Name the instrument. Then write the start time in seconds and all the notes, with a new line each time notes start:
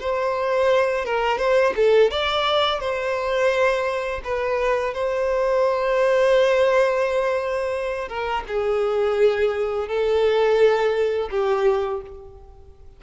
violin
0.00 C5
1.05 A#4
1.38 C5
1.76 A4
2.11 D5
2.80 C5
4.24 B4
4.94 C5
8.09 A#4
8.48 G#4
9.88 A4
11.31 G4